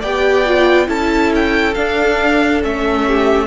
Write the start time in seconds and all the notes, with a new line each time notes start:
0.00 B3 G4 D5 G5
0.46 F4
0.87 C#4 E4 A4 A5
1.35 G5
1.74 D4 F5
2.62 A3 C#4 E5
3.07 G4